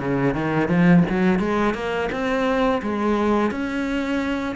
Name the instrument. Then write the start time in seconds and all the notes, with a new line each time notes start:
cello
0.00 C#3
0.35 D#3
0.68 F3
1.10 F#3
1.40 G#3
1.75 A#3
2.12 C4
2.83 G#3
3.51 C#4